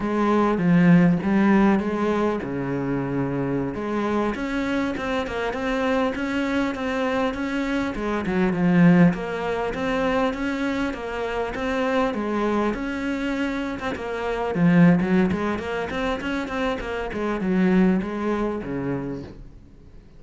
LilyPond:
\new Staff \with { instrumentName = "cello" } { \time 4/4 \tempo 4 = 100 gis4 f4 g4 gis4 | cis2~ cis16 gis4 cis'8.~ | cis'16 c'8 ais8 c'4 cis'4 c'8.~ | c'16 cis'4 gis8 fis8 f4 ais8.~ |
ais16 c'4 cis'4 ais4 c'8.~ | c'16 gis4 cis'4.~ cis'16 c'16 ais8.~ | ais16 f8. fis8 gis8 ais8 c'8 cis'8 c'8 | ais8 gis8 fis4 gis4 cis4 | }